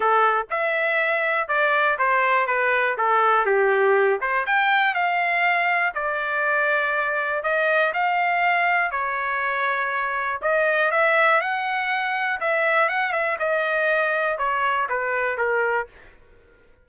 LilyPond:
\new Staff \with { instrumentName = "trumpet" } { \time 4/4 \tempo 4 = 121 a'4 e''2 d''4 | c''4 b'4 a'4 g'4~ | g'8 c''8 g''4 f''2 | d''2. dis''4 |
f''2 cis''2~ | cis''4 dis''4 e''4 fis''4~ | fis''4 e''4 fis''8 e''8 dis''4~ | dis''4 cis''4 b'4 ais'4 | }